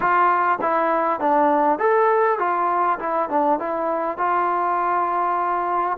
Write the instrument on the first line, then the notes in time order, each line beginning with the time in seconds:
trombone
0.00 F4
0.61 E4
1.19 D4
1.78 A4
2.38 F4
2.99 E4
3.29 D4
3.59 E4
4.17 F4